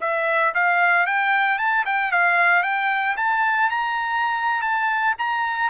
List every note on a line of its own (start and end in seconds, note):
0.00 0.53 E5
0.54 1.06 F5
1.06 1.58 G5
1.58 1.84 A5
1.85 2.11 G5
2.11 2.62 F5
2.62 3.15 G5
3.16 3.70 A5
3.70 4.61 A#5
4.61 5.14 A5
5.18 5.69 A#5